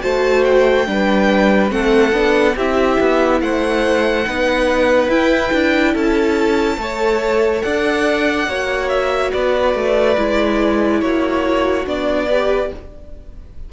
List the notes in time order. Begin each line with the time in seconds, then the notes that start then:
0.00 A3 F#4 C5 A5
0.45 G5
0.86 G3 D4 B4
1.69 A3 C4 A4 F#5
2.12 B3 D4
2.55 C4 E4 G4 E5
3.00 B3
3.41 A3 C5 F#5
4.27 B3 D#4 B4
5.08 E4 G5
5.53 D4
5.93 C#4 A4 A5
6.78 A3 A4 C#5
7.62 D4 D5 F#5
8.47 A#3 F#4 C#5
8.89 E5
9.32 B3 B4 D5
9.74 A3
10.17 G#3 E4
11.01 A#3 F#4 C#5
11.86 B3 D4 D5
12.26 G4 B4